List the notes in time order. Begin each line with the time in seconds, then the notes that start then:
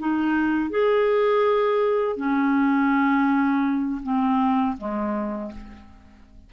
0.00 D#4
0.70 G#4
2.17 C#4
4.03 C4
4.78 G#3